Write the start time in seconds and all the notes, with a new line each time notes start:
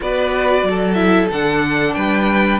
0.00 B3 F#4 B4 D5
0.63 F#3
0.69 A4
0.93 E4 E5
1.30 D3 D4 F#5
1.94 G3 B4 G5